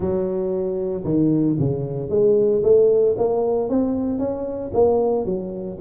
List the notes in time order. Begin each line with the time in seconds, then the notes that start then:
0.00 F#3
1.04 D#3
1.59 C#3
2.09 G#3
2.63 A3
3.17 A#3
3.69 C4
4.18 C#4
4.73 A#3
5.25 F#3